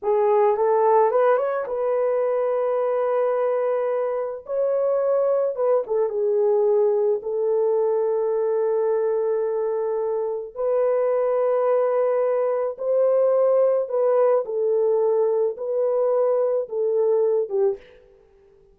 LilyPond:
\new Staff \with { instrumentName = "horn" } { \time 4/4 \tempo 4 = 108 gis'4 a'4 b'8 cis''8 b'4~ | b'1 | cis''2 b'8 a'8 gis'4~ | gis'4 a'2.~ |
a'2. b'4~ | b'2. c''4~ | c''4 b'4 a'2 | b'2 a'4. g'8 | }